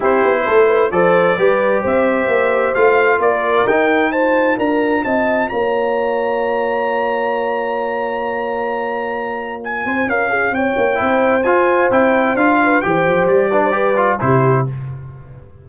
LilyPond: <<
  \new Staff \with { instrumentName = "trumpet" } { \time 4/4 \tempo 4 = 131 c''2 d''2 | e''2 f''4 d''4 | g''4 a''4 ais''4 a''4 | ais''1~ |
ais''1~ | ais''4 gis''4 f''4 g''4~ | g''4 gis''4 g''4 f''4 | g''4 d''2 c''4 | }
  \new Staff \with { instrumentName = "horn" } { \time 4/4 g'4 a'8 b'8 c''4 b'4 | c''2. ais'4~ | ais'4 c''4 ais'4 dis''4 | cis''1~ |
cis''1~ | cis''4. c''8 ais'8 gis'8 cis''4 | c''2.~ c''8 b'8 | c''4. b'16 c''16 b'4 g'4 | }
  \new Staff \with { instrumentName = "trombone" } { \time 4/4 e'2 a'4 g'4~ | g'2 f'2 | dis'4 f'2.~ | f'1~ |
f'1~ | f'1 | e'4 f'4 e'4 f'4 | g'4. d'8 g'8 f'8 e'4 | }
  \new Staff \with { instrumentName = "tuba" } { \time 4/4 c'8 b8 a4 f4 g4 | c'4 ais4 a4 ais4 | dis'2 d'4 c'4 | ais1~ |
ais1~ | ais4. c'8 cis'4 c'8 ais8 | c'4 f'4 c'4 d'4 | e8 f8 g2 c4 | }
>>